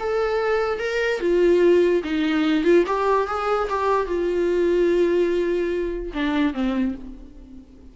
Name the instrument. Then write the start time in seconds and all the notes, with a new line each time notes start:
viola
0.00 A4
0.80 A#4
1.21 F4
2.04 D#4
2.65 F4
2.87 G4
3.28 G#4
3.70 G4
4.07 F4
6.14 D4
6.54 C4